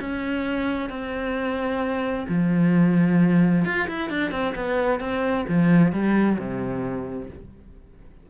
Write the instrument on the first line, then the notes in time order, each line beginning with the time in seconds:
cello
0.00 C#4
0.90 C4
2.29 F3
3.65 F4
3.88 E4
4.10 D4
4.31 C4
4.55 B3
5.00 C4
5.49 F3
5.93 G3
6.39 C3